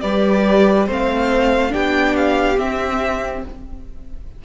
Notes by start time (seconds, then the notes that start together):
0.00 G3 G4 B4 D5
0.87 A3 C4 C5 F5
1.69 B3 D4 G4 G5
2.16 F5
2.58 C4 E5